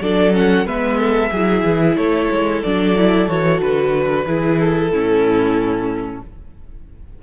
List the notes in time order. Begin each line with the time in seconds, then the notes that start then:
0.00 F#3 D4 A4 D5
0.33 C#4 F#5
0.65 G#3 B3 B4 E5
0.98 A4
1.31 F#3 E4 G#4
1.63 E3
1.96 A3 A4 C#5
2.30 G#3
2.62 F#3 D4 D5
2.96 E4
3.27 E3 F#4 C#5
3.61 D3 B4
4.26 E3 E4 G#4
4.59 A4
4.90 A2 C#4 E4